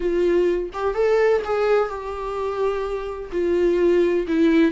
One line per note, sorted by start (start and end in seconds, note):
0.00 0.70 F4
0.73 0.94 G4
0.94 1.42 A4
1.44 1.88 G#4
1.88 3.30 G4
3.32 4.26 F4
4.27 4.71 E4